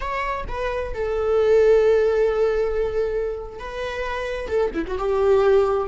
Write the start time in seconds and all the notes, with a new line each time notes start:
0.00 C#5
0.47 B4
0.94 A4
3.59 B4
4.47 A4
4.73 E4
4.87 F#4
4.98 G4